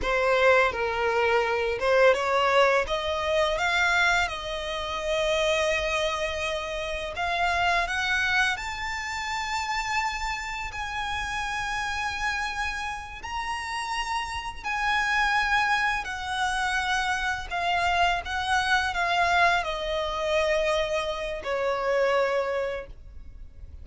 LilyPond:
\new Staff \with { instrumentName = "violin" } { \time 4/4 \tempo 4 = 84 c''4 ais'4. c''8 cis''4 | dis''4 f''4 dis''2~ | dis''2 f''4 fis''4 | a''2. gis''4~ |
gis''2~ gis''8 ais''4.~ | ais''8 gis''2 fis''4.~ | fis''8 f''4 fis''4 f''4 dis''8~ | dis''2 cis''2 | }